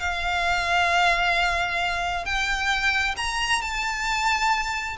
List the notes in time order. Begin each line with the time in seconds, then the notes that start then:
0.00 F5
2.25 G5
3.17 A#5
3.62 A5